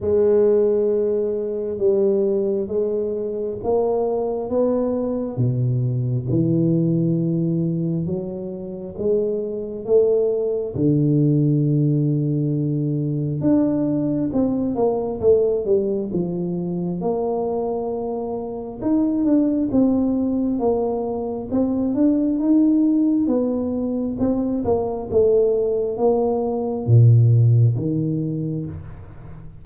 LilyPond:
\new Staff \with { instrumentName = "tuba" } { \time 4/4 \tempo 4 = 67 gis2 g4 gis4 | ais4 b4 b,4 e4~ | e4 fis4 gis4 a4 | d2. d'4 |
c'8 ais8 a8 g8 f4 ais4~ | ais4 dis'8 d'8 c'4 ais4 | c'8 d'8 dis'4 b4 c'8 ais8 | a4 ais4 ais,4 dis4 | }